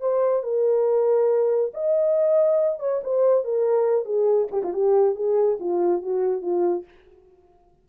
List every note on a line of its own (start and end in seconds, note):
0.00 0.43 C5
0.43 1.71 A#4
1.73 2.79 D#5
2.79 3.01 C#5
3.03 3.44 C5
3.44 4.05 A#4
4.05 4.48 G#4
4.51 4.62 G4
4.63 4.73 F4
4.73 5.15 G4
5.15 5.58 G#4
5.60 6.02 F4
6.02 6.41 F#4
6.41 6.84 F4